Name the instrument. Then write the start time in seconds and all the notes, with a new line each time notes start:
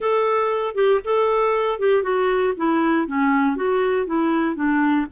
clarinet
0.00 A4
0.74 G4
1.04 A4
1.79 G4
2.02 F#4
2.56 E4
3.07 C#4
3.56 F#4
4.06 E4
4.55 D4